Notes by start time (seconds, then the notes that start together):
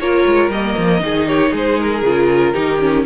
0.00 A#3 F4 A#4 C#5
0.26 G#3
0.50 G3 A#3 D#5
0.78 F3
1.00 D#3 D#4 G#4
1.28 G4 C#5
1.52 G#3 G#4 C5
1.80 A#4
2.03 C#3 F4
2.53 D#3 D#4 G4
2.80 C#4